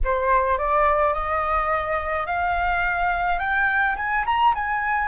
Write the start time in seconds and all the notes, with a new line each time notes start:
0.04 C5
0.58 D5
1.13 D#5
2.26 F5
3.39 G5
3.96 G#5
4.25 A#5
4.54 G#5